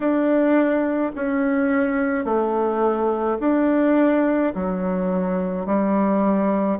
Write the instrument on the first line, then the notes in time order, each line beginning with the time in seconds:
bassoon
0.00 D4
1.15 C#4
2.24 A3
3.40 D4
4.54 F#3
5.66 G3